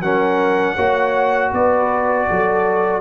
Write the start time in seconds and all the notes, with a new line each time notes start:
0.00 F#3 C#4 A#4 F#5
0.75 A#3 F#4 C#5
1.53 B3 B4 D5
2.28 F#3 A4